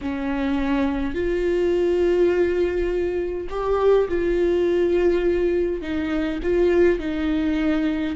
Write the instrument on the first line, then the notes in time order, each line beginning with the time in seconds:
viola
0.01 C#4
1.14 F4
3.50 G4
4.08 F4
5.81 D#4
6.42 F4
6.99 D#4